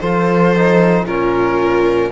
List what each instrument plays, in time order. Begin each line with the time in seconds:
0.00 cello F3, trombone F4, viola A4, violin C5
0.56 trombone D#4
1.05 cello A#2, trombone C#4, viola F4, violin A#4